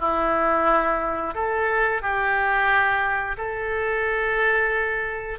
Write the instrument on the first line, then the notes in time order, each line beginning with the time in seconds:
oboe
0.00 E4
1.35 A4
2.02 G4
3.38 A4